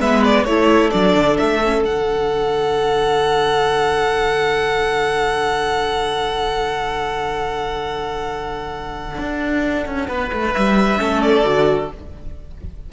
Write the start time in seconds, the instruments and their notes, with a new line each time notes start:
0.00 cello G#3, viola B3, violin B4 E5
0.25 violin D5
0.45 cello A3, viola E4, violin A4 C#5
0.92 cello F#3, viola D4, violin D5
1.15 cello D3
1.38 cello A3, violin E5
1.65 viola C#4
1.85 cello D3, viola D4, violin F#5
9.19 cello D4
9.86 cello C#4
10.09 cello B3, violin B4
10.33 cello A3
10.54 cello G3, violin E5
10.99 cello A3, viola C#4, violin A4
11.22 violin D5
11.45 cello D3, viola F#4